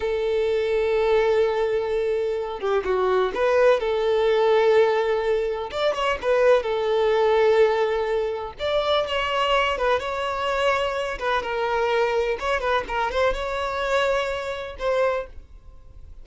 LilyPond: \new Staff \with { instrumentName = "violin" } { \time 4/4 \tempo 4 = 126 a'1~ | a'4. g'8 fis'4 b'4 | a'1 | d''8 cis''8 b'4 a'2~ |
a'2 d''4 cis''4~ | cis''8 b'8 cis''2~ cis''8 b'8 | ais'2 cis''8 b'8 ais'8 c''8 | cis''2. c''4 | }